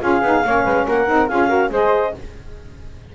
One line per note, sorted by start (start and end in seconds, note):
0.00 0.22 C#4
0.00 0.21 F4
0.00 0.45 G#4
0.00 0.87 F5
0.22 0.43 B3
0.22 0.45 D#4
0.44 0.65 A#3
0.44 1.07 C#4
0.44 0.64 C#5
0.64 0.87 G#3
0.64 0.86 B4
0.87 1.09 A#3
0.87 1.29 A#4
0.87 1.28 F#5
1.07 1.30 C4
1.07 1.28 D#4
1.28 1.70 C#4
1.28 1.48 F4
1.28 1.48 G#4
1.28 1.70 F5
1.48 1.69 F#4
1.48 1.70 A#4
1.70 2.12 G#3
1.70 2.14 G#4
1.70 2.14 C5
1.70 2.15 D#5